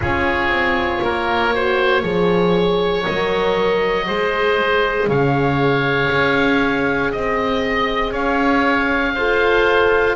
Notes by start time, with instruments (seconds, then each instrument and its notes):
0.00 double bass C#4, horn F4, oboe G#4 C#5
0.49 double bass C4
1.01 double bass A#3, oboe A#4
1.53 horn F#4, oboe C5
2.02 double bass F3, horn G#4, oboe C#5
3.04 double bass F#3, horn A#4, oboe D#5
4.06 double bass G#3, horn G#4, oboe C5
5.07 double bass C#3, oboe C#5 F5
6.11 double bass C#4
7.12 double bass C4, oboe D#5
8.11 double bass C#4, oboe C#5 F5
9.14 double bass F4, horn A4, oboe C5